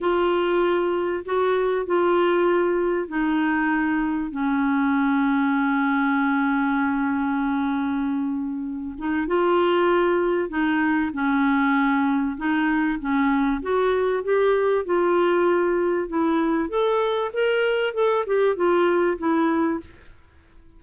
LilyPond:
\new Staff \with { instrumentName = "clarinet" } { \time 4/4 \tempo 4 = 97 f'2 fis'4 f'4~ | f'4 dis'2 cis'4~ | cis'1~ | cis'2~ cis'8 dis'8 f'4~ |
f'4 dis'4 cis'2 | dis'4 cis'4 fis'4 g'4 | f'2 e'4 a'4 | ais'4 a'8 g'8 f'4 e'4 | }